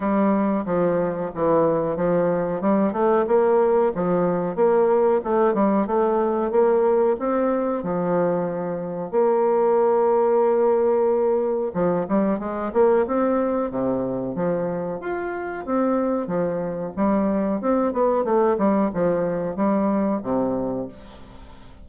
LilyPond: \new Staff \with { instrumentName = "bassoon" } { \time 4/4 \tempo 4 = 92 g4 f4 e4 f4 | g8 a8 ais4 f4 ais4 | a8 g8 a4 ais4 c'4 | f2 ais2~ |
ais2 f8 g8 gis8 ais8 | c'4 c4 f4 f'4 | c'4 f4 g4 c'8 b8 | a8 g8 f4 g4 c4 | }